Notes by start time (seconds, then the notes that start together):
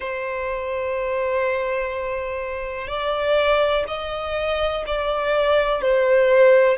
0.00 C5
2.87 D5
3.87 D#5
4.86 D5
5.81 C5